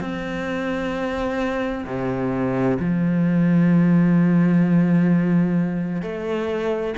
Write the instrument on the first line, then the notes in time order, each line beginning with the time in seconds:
cello
0.00 C4
1.86 C3
2.80 F3
6.03 A3